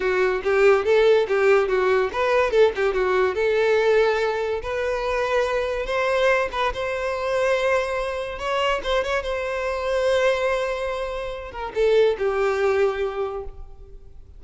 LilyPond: \new Staff \with { instrumentName = "violin" } { \time 4/4 \tempo 4 = 143 fis'4 g'4 a'4 g'4 | fis'4 b'4 a'8 g'8 fis'4 | a'2. b'4~ | b'2 c''4. b'8 |
c''1 | cis''4 c''8 cis''8 c''2~ | c''2.~ c''8 ais'8 | a'4 g'2. | }